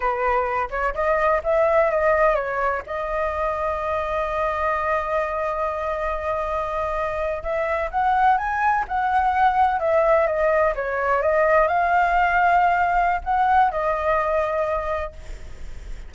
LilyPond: \new Staff \with { instrumentName = "flute" } { \time 4/4 \tempo 4 = 127 b'4. cis''8 dis''4 e''4 | dis''4 cis''4 dis''2~ | dis''1~ | dis''2.~ dis''8. e''16~ |
e''8. fis''4 gis''4 fis''4~ fis''16~ | fis''8. e''4 dis''4 cis''4 dis''16~ | dis''8. f''2.~ f''16 | fis''4 dis''2. | }